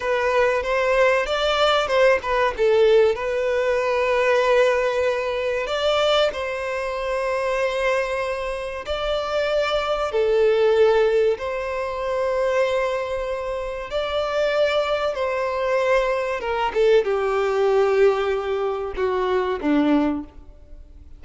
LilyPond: \new Staff \with { instrumentName = "violin" } { \time 4/4 \tempo 4 = 95 b'4 c''4 d''4 c''8 b'8 | a'4 b'2.~ | b'4 d''4 c''2~ | c''2 d''2 |
a'2 c''2~ | c''2 d''2 | c''2 ais'8 a'8 g'4~ | g'2 fis'4 d'4 | }